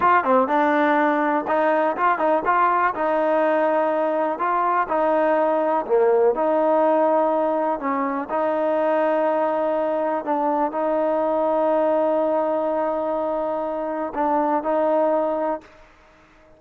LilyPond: \new Staff \with { instrumentName = "trombone" } { \time 4/4 \tempo 4 = 123 f'8 c'8 d'2 dis'4 | f'8 dis'8 f'4 dis'2~ | dis'4 f'4 dis'2 | ais4 dis'2. |
cis'4 dis'2.~ | dis'4 d'4 dis'2~ | dis'1~ | dis'4 d'4 dis'2 | }